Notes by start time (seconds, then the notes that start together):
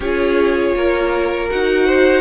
0.00 C#4 F4 G#4 C#5
0.74 A#3 A#4
1.50 D#4 F#4 F#5
1.86 C5